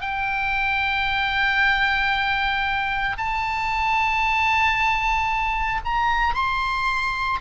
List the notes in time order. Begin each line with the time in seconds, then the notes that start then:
0.00 G5
3.17 A5
5.84 A#5
6.34 C6